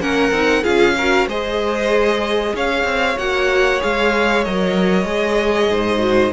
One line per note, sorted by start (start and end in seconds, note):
0.00 0.31 A#3
0.00 0.32 C#4
0.00 0.62 A#4
0.00 0.64 F#5
0.31 0.62 C4
0.31 0.64 D#4
0.62 1.26 C#4
0.62 0.95 F4
0.62 0.94 G#4
0.62 1.27 F5
0.97 1.29 F#4
0.97 1.28 A#4
1.26 2.53 G#3
1.26 3.17 G#4
1.26 2.54 C5
1.26 2.56 D#5
2.54 2.84 C#4
2.54 5.70 C#5
2.54 3.18 F5
2.84 3.15 C4
3.17 3.80 A#3
3.17 3.79 F#4
3.17 3.81 F#5
3.79 4.46 G#3
3.79 4.42 G#4
3.79 4.44 F5
4.44 5.05 F#3
4.44 5.06 A#4
4.44 6.32 D#5
5.05 5.68 G#3
5.05 5.98 G#4
5.68 6.31 G#2
5.68 6.32 C5
5.98 6.30 F#4